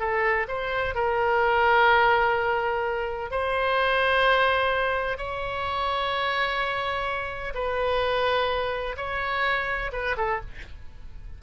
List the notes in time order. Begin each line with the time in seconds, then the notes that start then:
0.00 A4
0.49 C5
0.95 A#4
3.31 C5
5.18 C#5
7.55 B4
8.97 C#5
9.93 B4
10.17 A4